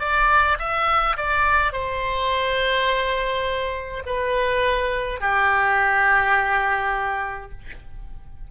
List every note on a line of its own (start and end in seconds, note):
0.00 0.58 D5
0.59 1.17 E5
1.17 1.73 D5
1.73 4.04 C5
4.06 5.21 B4
5.21 7.52 G4